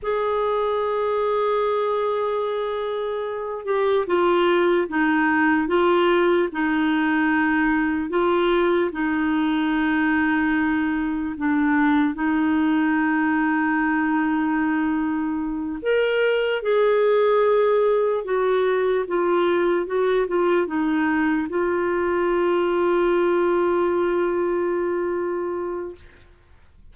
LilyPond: \new Staff \with { instrumentName = "clarinet" } { \time 4/4 \tempo 4 = 74 gis'1~ | gis'8 g'8 f'4 dis'4 f'4 | dis'2 f'4 dis'4~ | dis'2 d'4 dis'4~ |
dis'2.~ dis'8 ais'8~ | ais'8 gis'2 fis'4 f'8~ | f'8 fis'8 f'8 dis'4 f'4.~ | f'1 | }